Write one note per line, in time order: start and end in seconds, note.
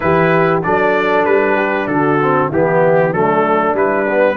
0.00 0.64 E3
0.00 0.61 E4
0.00 0.65 G4
0.00 0.60 B4
0.62 1.26 F#3
0.62 2.18 D4
0.62 1.55 A4
0.62 1.25 D5
1.25 1.87 G3
1.25 1.87 B4
1.55 1.87 G4
1.87 2.50 D3
1.87 2.49 F#4
1.87 2.49 A4
2.21 2.52 C4
2.49 3.12 E3
2.49 3.14 B3
2.49 3.11 E4
2.49 3.13 G4
3.11 3.73 F#3
3.11 3.74 A3
3.11 4.36 D4
3.11 3.75 A4
3.73 4.36 G3
3.73 4.05 E4
3.73 4.36 B4
4.08 4.36 B3